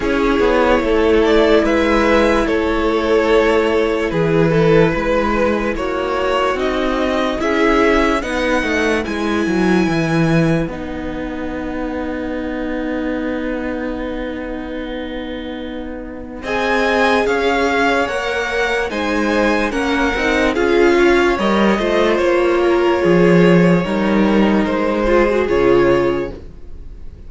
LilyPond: <<
  \new Staff \with { instrumentName = "violin" } { \time 4/4 \tempo 4 = 73 cis''4. d''8 e''4 cis''4~ | cis''4 b'2 cis''4 | dis''4 e''4 fis''4 gis''4~ | gis''4 fis''2.~ |
fis''1 | gis''4 f''4 fis''4 gis''4 | fis''4 f''4 dis''4 cis''4~ | cis''2 c''4 cis''4 | }
  \new Staff \with { instrumentName = "violin" } { \time 4/4 gis'4 a'4 b'4 a'4~ | a'4 gis'8 a'8 b'4 fis'4~ | fis'4 gis'4 b'2~ | b'1~ |
b'1 | dis''4 cis''2 c''4 | ais'4 gis'8 cis''4 c''4 ais'8 | gis'4 ais'4. gis'4. | }
  \new Staff \with { instrumentName = "viola" } { \time 4/4 e'1~ | e'1 | dis'4 e'4 dis'4 e'4~ | e'4 dis'2.~ |
dis'1 | gis'2 ais'4 dis'4 | cis'8 dis'8 f'4 ais'8 f'4.~ | f'4 dis'4. f'16 fis'16 f'4 | }
  \new Staff \with { instrumentName = "cello" } { \time 4/4 cis'8 b8 a4 gis4 a4~ | a4 e4 gis4 ais4 | c'4 cis'4 b8 a8 gis8 fis8 | e4 b2.~ |
b1 | c'4 cis'4 ais4 gis4 | ais8 c'8 cis'4 g8 a8 ais4 | f4 g4 gis4 cis4 | }
>>